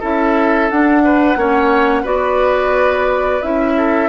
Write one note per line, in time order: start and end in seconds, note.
0.00 0.71 C#4
0.00 0.70 E4
0.00 1.02 A4
0.00 0.70 E5
0.70 1.36 D4
0.70 1.37 D4
0.70 2.06 F#5
1.05 1.39 B4
1.36 2.04 A#3
1.36 2.04 C#4
1.36 2.03 C#5
2.03 3.41 B3
2.03 3.41 F#4
2.03 3.73 B4
2.03 3.42 D5
3.42 4.09 C#4
3.42 4.09 E4
3.42 4.09 E5
3.77 4.09 A4